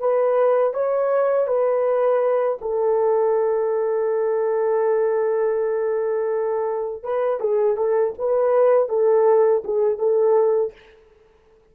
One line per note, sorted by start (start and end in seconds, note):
0.00 0.74 B4
0.74 1.47 C#5
1.47 2.59 B4
2.61 7.03 A4
7.03 7.40 B4
7.40 7.77 G#4
7.77 8.14 A4
8.19 8.89 B4
8.89 9.63 A4
9.65 9.99 G#4
9.99 10.73 A4